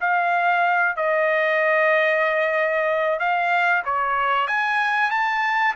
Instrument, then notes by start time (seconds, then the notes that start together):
trumpet
0.00 F5
0.96 D#5
3.19 F5
3.85 C#5
4.47 G#5
5.10 A5